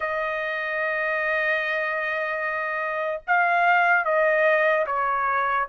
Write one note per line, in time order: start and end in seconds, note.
0.00 3.21 D#5
3.27 4.04 F5
4.04 4.85 D#5
4.86 5.67 C#5